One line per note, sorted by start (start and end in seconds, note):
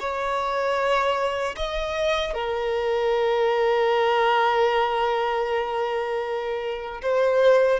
0.00 1.56 C#5
1.56 2.34 D#5
2.34 7.02 A#4
7.02 7.80 C5